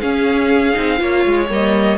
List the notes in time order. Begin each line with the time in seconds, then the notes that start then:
0.00 C#4 G#4 F5
0.73 C4 D#4
0.97 A#3 F4 C#5
1.25 G#3
1.49 G3 A#3 D#5